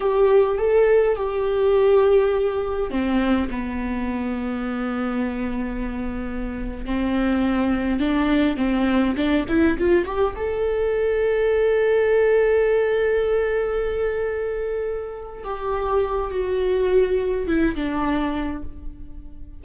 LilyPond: \new Staff \with { instrumentName = "viola" } { \time 4/4 \tempo 4 = 103 g'4 a'4 g'2~ | g'4 c'4 b2~ | b2.~ b8. c'16~ | c'4.~ c'16 d'4 c'4 d'16~ |
d'16 e'8 f'8 g'8 a'2~ a'16~ | a'1~ | a'2~ a'8 g'4. | fis'2 e'8 d'4. | }